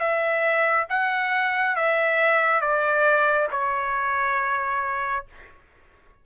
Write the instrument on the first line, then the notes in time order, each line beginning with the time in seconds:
trumpet
0.00 E5
0.90 F#5
1.76 E5
2.62 D5
3.52 C#5